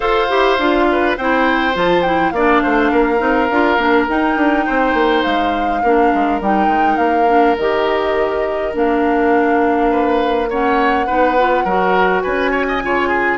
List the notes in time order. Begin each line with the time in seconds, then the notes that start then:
0.00 F4 A4 C5 F5
0.28 E4 G4
0.58 D4 F4
0.91 B4
1.17 C4 E4 C5 G5
1.73 F3 F4 A5
2.02 E4 G5
2.31 A#3 D4 D5 F5
2.62 A3 C5
2.91 A#3 A#4
3.18 C4 D#4
3.50 D4 F4
3.77 A#3 D4
4.08 D#4 G5
4.36 D4
4.65 C4 C5
4.93 A#3
5.23 G#3 F5
5.82 A#3 D4 A#4
6.14 G#3
6.40 G3 D#4 G5
6.67 G#3
6.96 A#3 F5
7.27 D4
7.58 D#3 G4 D#5
8.72 A#3 D4 F5
9.91 B4
10.49 C#4 C#5 F#5
11.06 B3 D#4 B4
11.38 F4
11.64 F#3 F#4 A#4
12.21 C#4 B4 G#5
12.51 C#5
12.68 D#5
12.81 C#3 F4 C#5
13.08 G#4